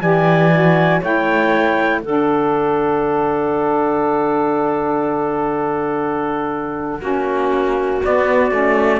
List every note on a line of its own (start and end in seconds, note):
0.00 1.00 E3
0.00 0.51 G4
0.00 0.99 D5
0.00 1.01 G#5
0.51 1.01 F#4
0.99 2.02 A3
0.99 2.02 E4
0.99 1.99 C#5
0.99 2.02 G5
2.02 7.00 D3
2.02 7.00 D4
2.02 7.01 A4
2.02 8.02 F#5
7.00 8.00 A#3
7.00 8.00 C#4
7.00 9.00 F#4
8.04 8.51 B3
8.04 9.00 D5
8.51 9.00 A3
8.51 9.00 C#4